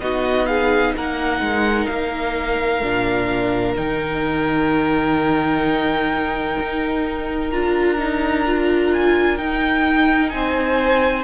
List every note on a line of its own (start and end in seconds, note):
0.00 0.95 B3
0.00 2.81 D#4
0.00 0.48 F#4
0.00 0.46 D#5
0.46 0.95 G#4
0.46 0.93 F5
0.96 1.40 A#3
0.96 10.34 A#4
0.96 1.86 F#5
1.40 1.87 G#3
1.86 2.82 A#3
1.86 3.74 F5
2.82 3.76 A#2
2.82 3.76 D4
3.76 6.57 D#3
3.76 7.51 D#4
3.76 7.51 G5
6.59 7.53 D#4
7.51 9.40 D4
7.51 7.98 F4
7.51 8.92 A#5
7.98 8.45 D#4
8.46 9.38 F4
8.93 9.38 G#5
9.38 11.24 D#4
9.38 10.33 D#4
9.38 10.29 G5
10.29 11.24 C4
10.29 11.24 C5
10.29 11.23 G#5